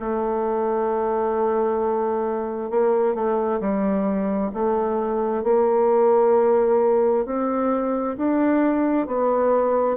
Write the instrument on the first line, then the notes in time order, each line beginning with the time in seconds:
bassoon
0.00 A3
2.70 A#3
3.14 A3
3.60 G3
4.54 A3
5.43 A#3
7.26 C4
8.17 D4
9.07 B3